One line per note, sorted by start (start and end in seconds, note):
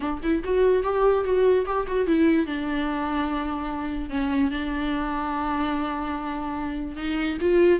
0.00 0.20 D4
0.22 0.43 E4
0.44 0.83 F#4
0.83 1.24 G4
1.24 1.65 F#4
1.66 1.86 G4
1.87 2.06 F#4
2.06 2.46 E4
2.46 4.09 D4
4.09 4.50 C#4
4.50 6.96 D4
6.96 7.37 D#4
7.40 7.80 F4